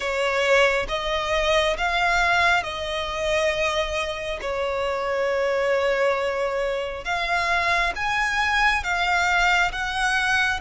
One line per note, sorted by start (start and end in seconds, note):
0.00 0.86 C#5
0.88 1.76 D#5
1.77 2.63 F5
2.63 4.39 D#5
4.41 7.04 C#5
7.04 7.92 F5
7.95 8.83 G#5
8.83 9.71 F5
9.71 10.60 F#5